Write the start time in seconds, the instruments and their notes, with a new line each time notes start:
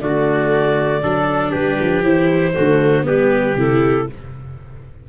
0.00 tuba D3, viola A3, trumpet F#4, clarinet D5
1.02 tuba F#3, viola D4, trumpet A4
1.51 tuba G3, trumpet G4, clarinet B4
1.81 tuba F3
2.03 tuba E3, viola E4, clarinet C5
2.54 tuba D3, viola A3, trumpet F#4
3.02 tuba G3, viola B3, trumpet G4, clarinet B4
3.55 tuba C3, viola E4, clarinet A4